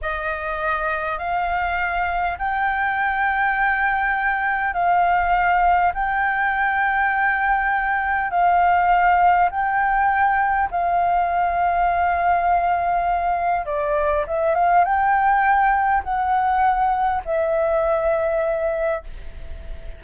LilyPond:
\new Staff \with { instrumentName = "flute" } { \time 4/4 \tempo 4 = 101 dis''2 f''2 | g''1 | f''2 g''2~ | g''2 f''2 |
g''2 f''2~ | f''2. d''4 | e''8 f''8 g''2 fis''4~ | fis''4 e''2. | }